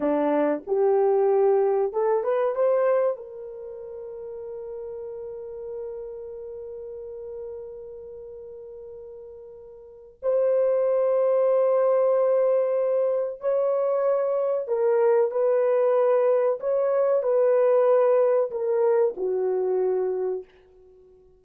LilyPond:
\new Staff \with { instrumentName = "horn" } { \time 4/4 \tempo 4 = 94 d'4 g'2 a'8 b'8 | c''4 ais'2.~ | ais'1~ | ais'1 |
c''1~ | c''4 cis''2 ais'4 | b'2 cis''4 b'4~ | b'4 ais'4 fis'2 | }